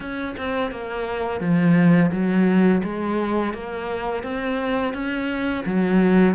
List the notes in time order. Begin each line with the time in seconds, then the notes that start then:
0.00 C#4
0.37 C4
0.71 A#3
1.40 F3
2.11 F#3
2.83 G#3
3.53 A#3
4.23 C4
4.93 C#4
5.65 F#3